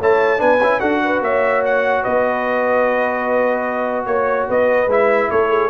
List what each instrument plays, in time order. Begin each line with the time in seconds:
0.00 tuba A3, trombone E4, horn C#5, trumpet A5
0.38 tuba B3, trombone D4, horn B4, trumpet G#5
0.61 tuba C#4, trombone E4
0.80 tuba D4, trombone F#4, horn A4, trumpet F#5
1.04 horn B4
1.21 tuba A#3, horn C#5, trumpet E5
1.65 trumpet F#5
2.03 tuba B3, horn B4, trumpet D#5
4.06 tuba A#3, trumpet C#5, horn C#5
4.48 tuba B3, horn B4, trumpet D#5
4.87 tuba G#3, trombone E4, trumpet E5
5.31 tuba A3, horn A4, trumpet C#5
5.50 horn G#4